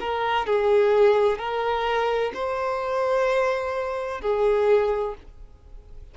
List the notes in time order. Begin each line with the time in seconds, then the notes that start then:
0.00 A#4
0.46 G#4
1.38 A#4
2.34 C5
4.21 G#4